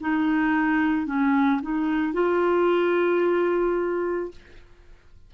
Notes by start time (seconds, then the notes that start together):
0.00 D#4
1.06 C#4
1.62 D#4
2.13 F4